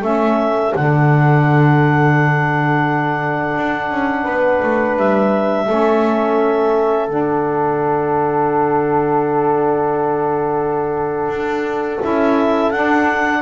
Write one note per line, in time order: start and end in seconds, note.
0.00 0.72 A3
0.00 0.71 C#4
0.00 4.24 A4
0.00 0.74 E5
0.75 3.57 D3
0.75 5.66 D4
0.75 4.98 F#5
3.57 3.90 D4
3.90 4.25 C#4
4.24 4.60 B3
4.24 5.65 B4
4.62 4.97 A3
4.97 5.67 G3
4.97 7.09 E5
5.66 7.08 A3
5.66 7.07 C#4
5.66 13.41 A4
7.08 11.29 D3
7.08 12.00 D4
7.08 12.02 F#5
11.29 11.99 D4
12.00 12.72 C#4
12.00 12.71 E4
12.00 12.71 E5
12.71 13.41 D4
12.71 13.41 F#5